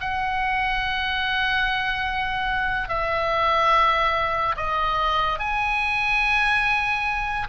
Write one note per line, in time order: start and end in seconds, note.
0.00 2.88 F#5
2.88 4.55 E5
4.56 5.39 D#5
5.39 7.47 G#5